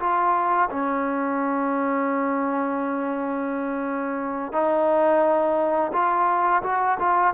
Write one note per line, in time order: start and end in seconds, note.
0.00 0.70 F4
0.71 4.53 C#4
4.53 5.92 D#4
5.93 6.63 F4
6.63 6.98 F#4
7.00 7.34 F4